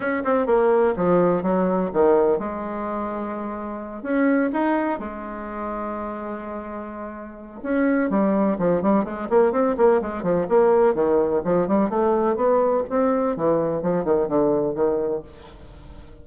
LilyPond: \new Staff \with { instrumentName = "bassoon" } { \time 4/4 \tempo 4 = 126 cis'8 c'8 ais4 f4 fis4 | dis4 gis2.~ | gis8 cis'4 dis'4 gis4.~ | gis1 |
cis'4 g4 f8 g8 gis8 ais8 | c'8 ais8 gis8 f8 ais4 dis4 | f8 g8 a4 b4 c'4 | e4 f8 dis8 d4 dis4 | }